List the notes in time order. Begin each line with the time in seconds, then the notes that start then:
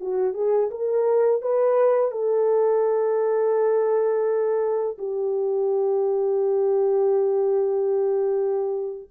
0.00 F#4
0.34 G#4
0.70 A#4
1.42 B4
2.11 A4
4.98 G4